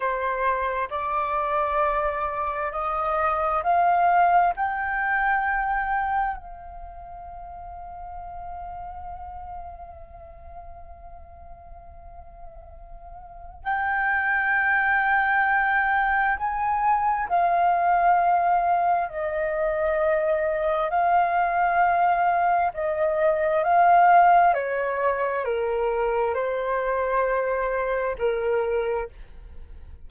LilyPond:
\new Staff \with { instrumentName = "flute" } { \time 4/4 \tempo 4 = 66 c''4 d''2 dis''4 | f''4 g''2 f''4~ | f''1~ | f''2. g''4~ |
g''2 gis''4 f''4~ | f''4 dis''2 f''4~ | f''4 dis''4 f''4 cis''4 | ais'4 c''2 ais'4 | }